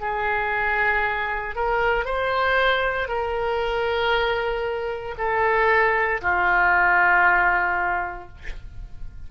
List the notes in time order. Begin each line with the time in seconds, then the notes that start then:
0.00 G#4
1.55 A#4
2.05 C5
3.08 A#4
5.17 A4
6.21 F4